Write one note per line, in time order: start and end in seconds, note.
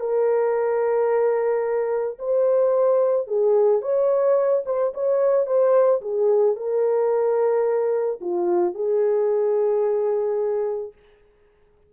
0.00 2.18 A#4
2.19 3.27 C5
3.27 3.82 G#4
3.82 4.63 C#5
4.66 4.93 C5
4.94 5.46 C#5
5.46 6.01 C5
6.01 6.56 G#4
6.56 8.20 A#4
8.21 8.74 F4
8.74 10.93 G#4